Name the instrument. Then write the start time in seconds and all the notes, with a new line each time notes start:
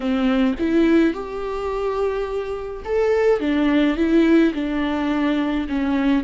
viola
0.00 C4
0.59 E4
1.13 G4
2.85 A4
3.40 D4
3.96 E4
4.54 D4
5.68 C#4